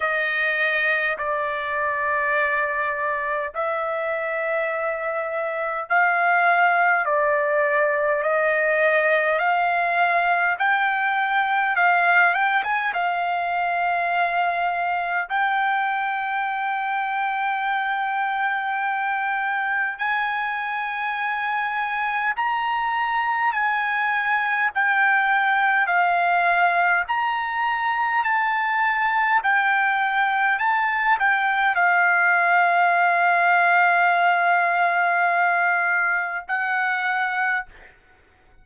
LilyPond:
\new Staff \with { instrumentName = "trumpet" } { \time 4/4 \tempo 4 = 51 dis''4 d''2 e''4~ | e''4 f''4 d''4 dis''4 | f''4 g''4 f''8 g''16 gis''16 f''4~ | f''4 g''2.~ |
g''4 gis''2 ais''4 | gis''4 g''4 f''4 ais''4 | a''4 g''4 a''8 g''8 f''4~ | f''2. fis''4 | }